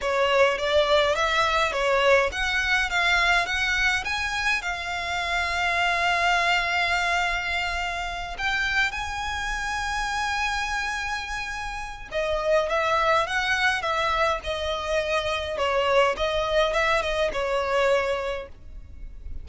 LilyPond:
\new Staff \with { instrumentName = "violin" } { \time 4/4 \tempo 4 = 104 cis''4 d''4 e''4 cis''4 | fis''4 f''4 fis''4 gis''4 | f''1~ | f''2~ f''8 g''4 gis''8~ |
gis''1~ | gis''4 dis''4 e''4 fis''4 | e''4 dis''2 cis''4 | dis''4 e''8 dis''8 cis''2 | }